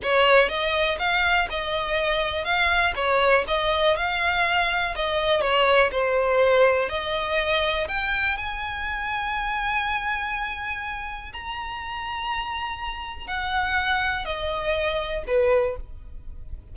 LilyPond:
\new Staff \with { instrumentName = "violin" } { \time 4/4 \tempo 4 = 122 cis''4 dis''4 f''4 dis''4~ | dis''4 f''4 cis''4 dis''4 | f''2 dis''4 cis''4 | c''2 dis''2 |
g''4 gis''2.~ | gis''2. ais''4~ | ais''2. fis''4~ | fis''4 dis''2 b'4 | }